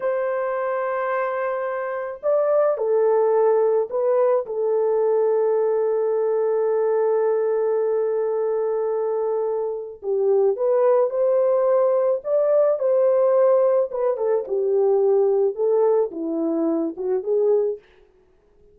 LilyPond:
\new Staff \with { instrumentName = "horn" } { \time 4/4 \tempo 4 = 108 c''1 | d''4 a'2 b'4 | a'1~ | a'1~ |
a'2 g'4 b'4 | c''2 d''4 c''4~ | c''4 b'8 a'8 g'2 | a'4 e'4. fis'8 gis'4 | }